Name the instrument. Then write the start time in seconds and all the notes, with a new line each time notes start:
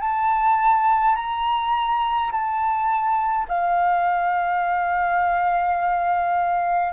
flute
0.00 A5
1.15 A#5
2.31 A5
3.48 F5